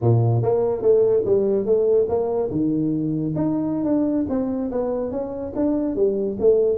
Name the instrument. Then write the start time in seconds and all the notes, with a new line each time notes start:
tuba
0.01 A#2
0.42 A#3
0.82 A3
1.25 G3
1.65 A3
2.08 A#3
2.50 D#3
3.35 D#4
3.84 D4
4.29 C4
4.71 B3
5.11 C#4
5.55 D4
5.95 G3
6.39 A3